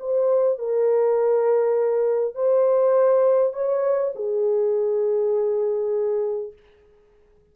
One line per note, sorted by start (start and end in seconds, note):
0.00 0.59 C5
0.59 2.35 A#4
2.35 3.54 C5
3.54 4.13 C#5
4.16 6.53 G#4